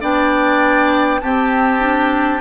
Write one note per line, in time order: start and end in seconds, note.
0.00 1.22 B3
0.00 1.20 D4
0.00 1.20 D5
0.00 1.20 G5
1.20 1.79 C4
1.20 2.41 C4
1.20 2.41 G4
1.20 2.40 A5
1.79 2.39 D4